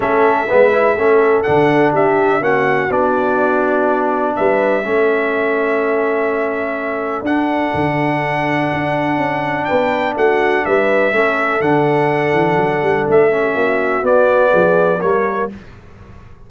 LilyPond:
<<
  \new Staff \with { instrumentName = "trumpet" } { \time 4/4 \tempo 4 = 124 e''2. fis''4 | e''4 fis''4 d''2~ | d''4 e''2.~ | e''2. fis''4~ |
fis''1 | g''4 fis''4 e''2 | fis''2. e''4~ | e''4 d''2 cis''4 | }
  \new Staff \with { instrumentName = "horn" } { \time 4/4 a'4 b'4 a'2 | g'4 fis'2.~ | fis'4 b'4 a'2~ | a'1~ |
a'1 | b'4 fis'4 b'4 a'4~ | a'2.~ a'8. g'16 | fis'2 gis'4 ais'4 | }
  \new Staff \with { instrumentName = "trombone" } { \time 4/4 cis'4 b8 e'8 cis'4 d'4~ | d'4 cis'4 d'2~ | d'2 cis'2~ | cis'2. d'4~ |
d'1~ | d'2. cis'4 | d'2.~ d'8 cis'8~ | cis'4 b2 ais4 | }
  \new Staff \with { instrumentName = "tuba" } { \time 4/4 a4 gis4 a4 d4 | d'4 ais4 b2~ | b4 g4 a2~ | a2. d'4 |
d2 d'4 cis'4 | b4 a4 g4 a4 | d4. e8 fis8 g8 a4 | ais4 b4 f4 g4 | }
>>